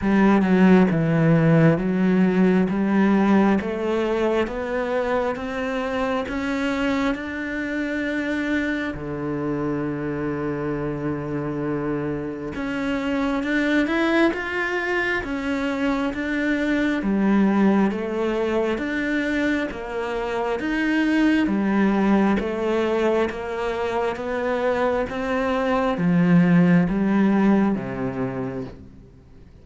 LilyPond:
\new Staff \with { instrumentName = "cello" } { \time 4/4 \tempo 4 = 67 g8 fis8 e4 fis4 g4 | a4 b4 c'4 cis'4 | d'2 d2~ | d2 cis'4 d'8 e'8 |
f'4 cis'4 d'4 g4 | a4 d'4 ais4 dis'4 | g4 a4 ais4 b4 | c'4 f4 g4 c4 | }